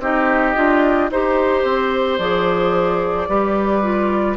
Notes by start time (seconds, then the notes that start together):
0.00 C4 D#4 G4 D#5
0.55 D4 F4
1.11 D#4 G4 C5
1.64 C4
2.19 F3 G#4 D5
3.29 G3 G4 B4
3.83 F4